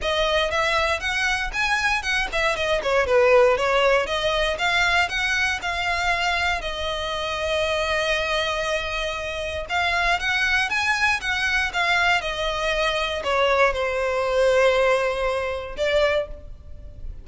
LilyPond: \new Staff \with { instrumentName = "violin" } { \time 4/4 \tempo 4 = 118 dis''4 e''4 fis''4 gis''4 | fis''8 e''8 dis''8 cis''8 b'4 cis''4 | dis''4 f''4 fis''4 f''4~ | f''4 dis''2.~ |
dis''2. f''4 | fis''4 gis''4 fis''4 f''4 | dis''2 cis''4 c''4~ | c''2. d''4 | }